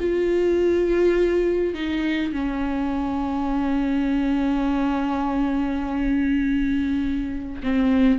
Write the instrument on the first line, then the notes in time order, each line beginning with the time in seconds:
viola
0.00 F4
1.74 D#4
2.33 C#4
7.63 C4